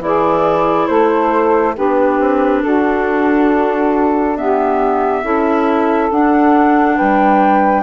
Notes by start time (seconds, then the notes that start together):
0.00 E3 E4 G#4 D5
0.87 A3 A4 C5
1.74 B3 D4 G4 B4
2.19 C4
2.62 D4 F#4 A4
4.37 B3 G4 E5
5.23 C#4 E4 A4
6.11 D4 F#5
6.95 G3 B4 G5